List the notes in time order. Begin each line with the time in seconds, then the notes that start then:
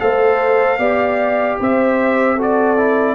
0.00 A3 A4 C5 F5
0.79 B3 G4 D5
1.60 C4 C5 E5
2.36 F#4 A4
2.42 D5
2.77 E4